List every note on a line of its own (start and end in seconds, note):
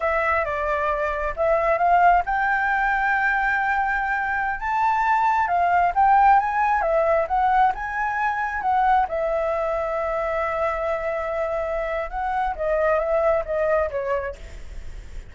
0.00 0.45 E5
0.45 1.34 D5
1.36 1.77 E5
1.77 2.22 F5
2.25 4.60 G5
4.60 5.47 A5
5.47 5.92 F5
5.95 6.39 G5
6.39 6.81 G#5
6.81 7.26 E5
7.27 7.72 F#5
7.75 8.61 G#5
8.61 9.06 F#5
9.08 12.10 E5
12.10 12.55 F#5
12.55 12.99 D#5
12.99 13.43 E5
13.45 13.89 D#5
13.90 14.35 C#5